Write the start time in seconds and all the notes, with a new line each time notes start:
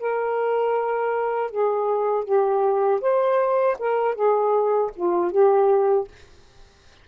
0.00 A#4
1.52 G#4
2.25 G4
3.01 C5
3.79 A#4
4.15 G#4
4.96 F4
5.32 G4